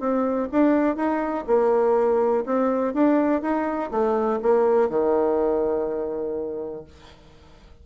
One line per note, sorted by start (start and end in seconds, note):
0.00 0.49 C4
0.52 0.96 D4
0.96 1.45 D#4
1.47 2.45 A#3
2.46 2.94 C4
2.94 3.42 D4
3.42 3.91 D#4
3.91 4.40 A3
4.42 4.90 A#3
4.90 6.85 D#3